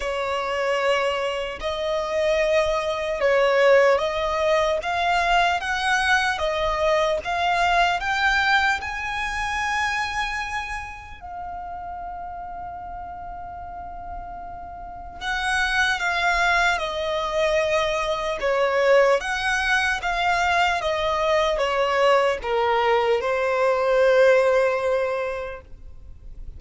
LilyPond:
\new Staff \with { instrumentName = "violin" } { \time 4/4 \tempo 4 = 75 cis''2 dis''2 | cis''4 dis''4 f''4 fis''4 | dis''4 f''4 g''4 gis''4~ | gis''2 f''2~ |
f''2. fis''4 | f''4 dis''2 cis''4 | fis''4 f''4 dis''4 cis''4 | ais'4 c''2. | }